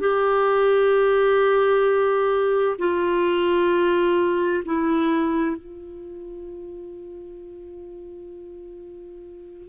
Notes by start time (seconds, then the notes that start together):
0.00 G4
2.79 F4
4.65 E4
5.56 F4